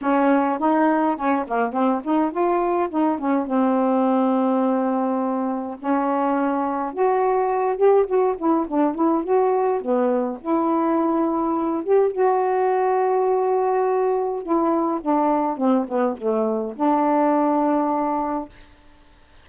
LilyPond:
\new Staff \with { instrumentName = "saxophone" } { \time 4/4 \tempo 4 = 104 cis'4 dis'4 cis'8 ais8 c'8 dis'8 | f'4 dis'8 cis'8 c'2~ | c'2 cis'2 | fis'4. g'8 fis'8 e'8 d'8 e'8 |
fis'4 b4 e'2~ | e'8 g'8 fis'2.~ | fis'4 e'4 d'4 c'8 b8 | a4 d'2. | }